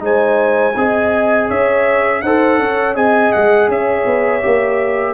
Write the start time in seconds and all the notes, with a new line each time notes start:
0.00 G#3 D#4 C5 G#5
0.77 C4 G#4 D#5
1.48 C#4 C#5 E5
2.22 D#4 A4 C5 F#5
2.59 C#4 C#5
2.96 C4 G#4 D#5 G#5
3.33 G#3 F#5
3.68 C#4 C#5 E5
4.06 B3
4.42 A#3 G4